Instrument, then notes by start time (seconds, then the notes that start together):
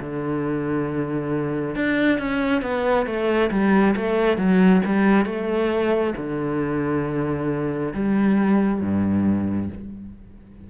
cello
0.00 D3
1.76 D4
2.19 C#4
2.62 B3
3.06 A3
3.51 G3
3.96 A3
4.38 F#3
4.86 G3
5.26 A3
6.17 D3
7.94 G3
8.81 G2